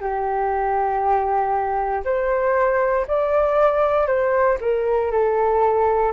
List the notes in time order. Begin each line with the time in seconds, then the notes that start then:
0.00 G4
2.04 C5
3.07 D5
4.07 C5
4.60 A#4
5.11 A4